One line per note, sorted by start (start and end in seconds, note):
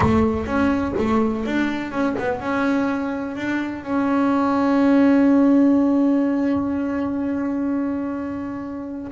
0.00 0.46 A3
0.46 0.94 C#4
0.97 1.45 A3
1.45 1.91 D4
1.91 2.15 C#4
2.19 2.40 B3
2.40 3.36 C#4
3.36 3.83 D4
3.83 9.11 C#4